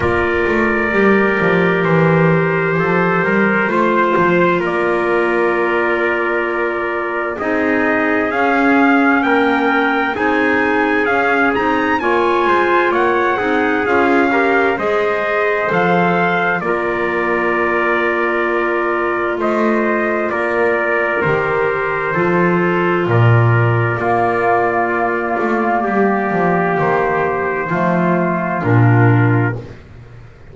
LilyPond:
<<
  \new Staff \with { instrumentName = "trumpet" } { \time 4/4 \tempo 4 = 65 d''2 c''2~ | c''4 d''2. | dis''4 f''4 g''4 gis''4 | f''8 ais''8 gis''4 fis''4 f''4 |
dis''4 f''4 d''2~ | d''4 dis''4 d''4 c''4~ | c''4 d''2.~ | d''4 c''2 ais'4 | }
  \new Staff \with { instrumentName = "trumpet" } { \time 4/4 ais'2. a'8 ais'8 | c''4 ais'2. | gis'2 ais'4 gis'4~ | gis'4 cis''8 c''8 cis''8 gis'4 ais'8 |
c''2 ais'2~ | ais'4 c''4 ais'2 | a'4 ais'4 f'2 | g'2 f'2 | }
  \new Staff \with { instrumentName = "clarinet" } { \time 4/4 f'4 g'2. | f'1 | dis'4 cis'2 dis'4 | cis'8 dis'8 f'4. dis'8 f'8 g'8 |
gis'4 a'4 f'2~ | f'2. g'4 | f'2 ais2~ | ais2 a4 d'4 | }
  \new Staff \with { instrumentName = "double bass" } { \time 4/4 ais8 a8 g8 f8 e4 f8 g8 | a8 f8 ais2. | c'4 cis'4 ais4 c'4 | cis'8 c'8 ais8 gis8 ais8 c'8 cis'4 |
gis4 f4 ais2~ | ais4 a4 ais4 dis4 | f4 ais,4 ais4. a8 | g8 f8 dis4 f4 ais,4 | }
>>